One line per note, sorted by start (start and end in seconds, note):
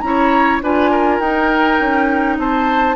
0.00 0.61 C#4
0.00 0.62 E4
0.00 0.59 A#5
0.07 0.63 C#5
0.62 1.19 D4
0.62 1.22 F4
0.62 0.90 B4
0.62 1.19 G#5
0.90 2.37 A#4
1.19 1.78 D#4
1.19 2.96 D#4
1.19 2.37 G5
1.80 2.38 C#4
2.38 2.96 C4
2.38 2.96 C5
2.38 2.96 A5